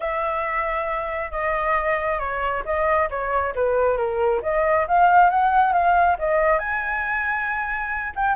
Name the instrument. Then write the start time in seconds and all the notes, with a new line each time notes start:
flute
0.00 E5
1.31 D#5
2.19 C#5
2.65 D#5
3.09 C#5
3.55 B4
3.97 A#4
4.42 D#5
4.87 F5
5.30 F#5
5.72 F5
6.18 D#5
6.59 G#5
8.15 G5